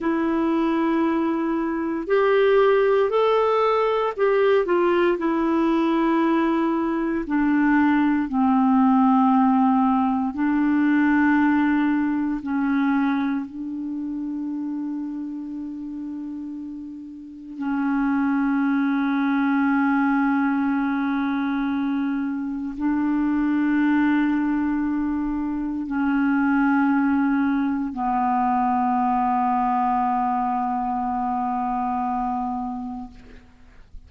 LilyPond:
\new Staff \with { instrumentName = "clarinet" } { \time 4/4 \tempo 4 = 58 e'2 g'4 a'4 | g'8 f'8 e'2 d'4 | c'2 d'2 | cis'4 d'2.~ |
d'4 cis'2.~ | cis'2 d'2~ | d'4 cis'2 b4~ | b1 | }